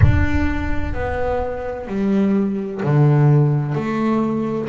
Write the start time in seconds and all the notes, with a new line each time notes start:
0.02 D4
0.93 B3
1.87 G3
2.82 D3
3.75 A3